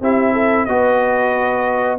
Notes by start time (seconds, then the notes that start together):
0.00 C4 E4 G4 E5
0.33 A4
0.65 B3 F#4 B4 D#5